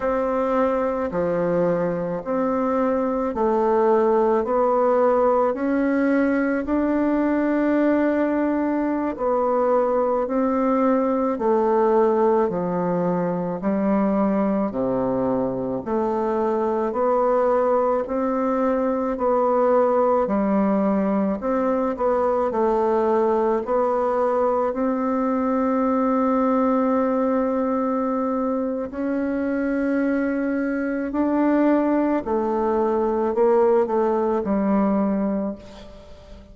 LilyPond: \new Staff \with { instrumentName = "bassoon" } { \time 4/4 \tempo 4 = 54 c'4 f4 c'4 a4 | b4 cis'4 d'2~ | d'16 b4 c'4 a4 f8.~ | f16 g4 c4 a4 b8.~ |
b16 c'4 b4 g4 c'8 b16~ | b16 a4 b4 c'4.~ c'16~ | c'2 cis'2 | d'4 a4 ais8 a8 g4 | }